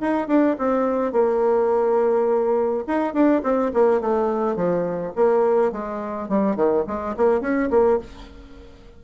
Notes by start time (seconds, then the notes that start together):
0.00 D#4
0.28 D4
0.58 C4
1.12 A#3
2.87 D#4
3.13 D4
3.43 C4
3.74 A#3
4.01 A3
4.56 F3
5.16 A#3
5.72 G#3
6.29 G3
6.56 D#3
6.87 G#3
7.17 A#3
7.41 C#4
7.70 A#3